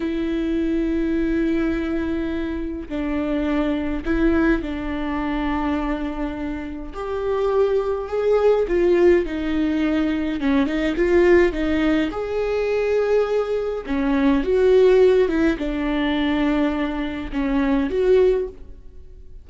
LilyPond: \new Staff \with { instrumentName = "viola" } { \time 4/4 \tempo 4 = 104 e'1~ | e'4 d'2 e'4 | d'1 | g'2 gis'4 f'4 |
dis'2 cis'8 dis'8 f'4 | dis'4 gis'2. | cis'4 fis'4. e'8 d'4~ | d'2 cis'4 fis'4 | }